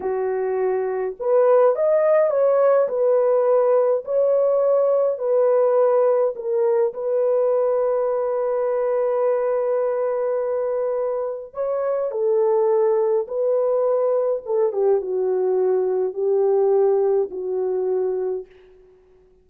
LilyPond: \new Staff \with { instrumentName = "horn" } { \time 4/4 \tempo 4 = 104 fis'2 b'4 dis''4 | cis''4 b'2 cis''4~ | cis''4 b'2 ais'4 | b'1~ |
b'1 | cis''4 a'2 b'4~ | b'4 a'8 g'8 fis'2 | g'2 fis'2 | }